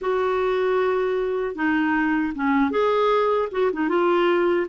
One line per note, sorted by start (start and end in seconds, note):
0.01 1.55 F#4
1.55 2.33 D#4
2.35 2.70 C#4
2.70 3.48 G#4
3.51 3.71 F#4
3.73 3.89 D#4
3.89 4.66 F4